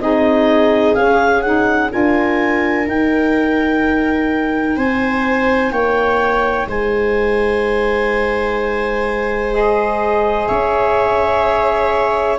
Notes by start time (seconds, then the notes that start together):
0.00 C4 D#4 G#4 D#5
0.95 C#4 F5
1.42 D#4 F#5
1.90 D4 F4 A#4 G#5
2.85 D#4 G5
4.77 C4 C5 G#5
5.71 A#3 C#5 G5
6.67 G#3 C5 G#5
9.51 G#4 D#5
10.47 C#4 C#5 E5